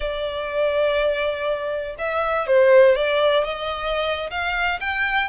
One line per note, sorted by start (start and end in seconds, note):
0.00 1.95 D5
1.98 2.46 E5
2.46 2.95 C5
2.95 3.44 D5
3.44 4.30 D#5
4.30 4.79 F5
4.80 5.29 G5